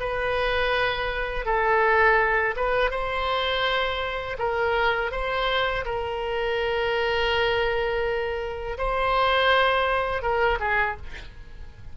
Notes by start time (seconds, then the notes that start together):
0.00 B4
1.45 A4
2.56 B4
2.91 C5
4.39 A#4
5.12 C5
5.85 A#4
8.78 C5
10.22 A#4
10.60 G#4